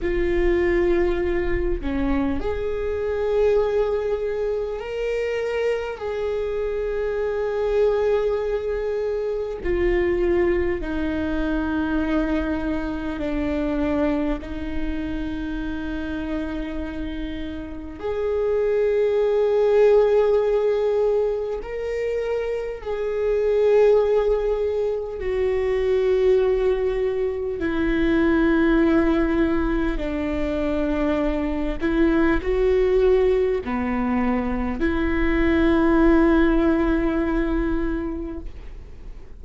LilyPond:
\new Staff \with { instrumentName = "viola" } { \time 4/4 \tempo 4 = 50 f'4. cis'8 gis'2 | ais'4 gis'2. | f'4 dis'2 d'4 | dis'2. gis'4~ |
gis'2 ais'4 gis'4~ | gis'4 fis'2 e'4~ | e'4 d'4. e'8 fis'4 | b4 e'2. | }